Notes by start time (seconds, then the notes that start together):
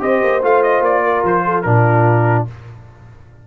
0.00 C4 G4 C5 D#5
0.23 A#3
0.42 A3 F4 F5
0.63 D#5
0.81 A#3 D5
1.03 A#4
1.24 F3 C5
1.45 A4
1.63 A#2 D4 F4 A#4